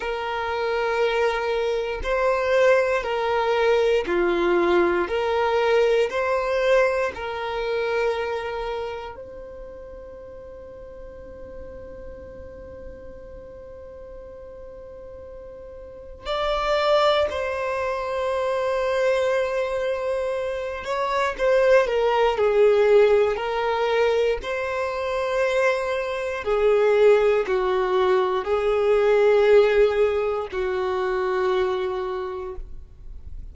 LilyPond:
\new Staff \with { instrumentName = "violin" } { \time 4/4 \tempo 4 = 59 ais'2 c''4 ais'4 | f'4 ais'4 c''4 ais'4~ | ais'4 c''2.~ | c''1 |
d''4 c''2.~ | c''8 cis''8 c''8 ais'8 gis'4 ais'4 | c''2 gis'4 fis'4 | gis'2 fis'2 | }